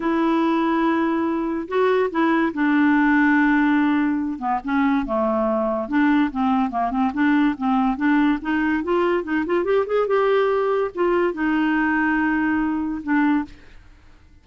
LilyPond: \new Staff \with { instrumentName = "clarinet" } { \time 4/4 \tempo 4 = 143 e'1 | fis'4 e'4 d'2~ | d'2~ d'8 b8 cis'4 | a2 d'4 c'4 |
ais8 c'8 d'4 c'4 d'4 | dis'4 f'4 dis'8 f'8 g'8 gis'8 | g'2 f'4 dis'4~ | dis'2. d'4 | }